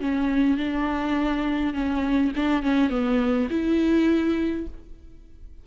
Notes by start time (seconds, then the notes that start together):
0.00 C#4
0.58 D4
1.74 C#4
2.36 D4
2.63 C#4
2.90 B3
3.50 E4